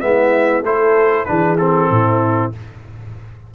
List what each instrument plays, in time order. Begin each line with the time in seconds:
0.00 tuba G#3, trombone B3, horn E4, trumpet E5
0.62 tuba A3, trombone E4, horn A4, trumpet C5
1.25 tuba E3, trombone D4, horn G#4, trumpet B4
1.58 trombone C4, trumpet A4
1.90 tuba A2, horn E4